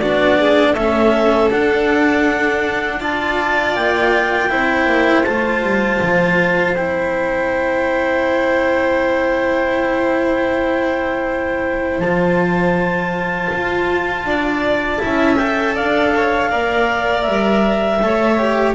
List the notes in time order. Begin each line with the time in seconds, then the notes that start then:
0.00 B3 D4 F#4 D5
0.40 G#4
0.73 A3 C#4 A4 E5
1.51 D4 F#5
3.00 F4 D5 A5
3.76 A#3 G5
4.50 C4 E4 C5
4.86 A#3
5.24 A3 F4 A5
5.63 G3
6.03 F3
6.75 C4 E4 G5
11.99 F3 F4 A5
13.52 F4
14.25 D4 D5
14.99 C#4 E4 E5
15.37 A4 G5
15.75 D4 D5 F5
16.16 C#5
16.50 A#3 A#4 D5
17.22 G3 E5
18.03 A3 A4 C#5
18.39 G4